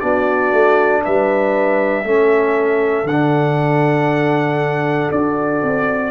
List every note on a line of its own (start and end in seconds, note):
0.00 0.52 B3
0.00 2.03 D4
0.00 1.03 F#4
0.00 1.02 D5
0.52 1.03 A3
1.03 2.04 G3
1.03 2.05 B4
1.03 3.07 E5
2.04 3.03 A3
2.04 3.06 C#4
2.04 6.11 A4
3.03 5.06 D3
3.03 5.11 F#5
3.12 5.13 D4
5.11 5.61 D4
5.11 6.11 F#4
5.11 6.11 D5
5.62 6.11 C4